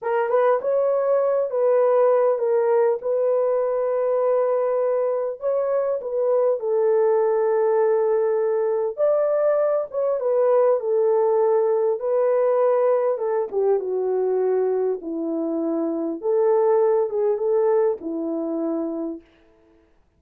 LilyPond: \new Staff \with { instrumentName = "horn" } { \time 4/4 \tempo 4 = 100 ais'8 b'8 cis''4. b'4. | ais'4 b'2.~ | b'4 cis''4 b'4 a'4~ | a'2. d''4~ |
d''8 cis''8 b'4 a'2 | b'2 a'8 g'8 fis'4~ | fis'4 e'2 a'4~ | a'8 gis'8 a'4 e'2 | }